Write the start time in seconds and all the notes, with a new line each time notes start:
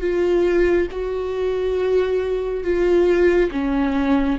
0.00 F4
0.91 F#4
2.63 F4
3.51 C#4